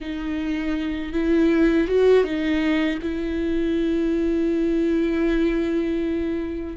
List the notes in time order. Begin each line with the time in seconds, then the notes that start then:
0.00 D#4
1.12 E4
1.88 F#4
2.24 D#4
3.02 E4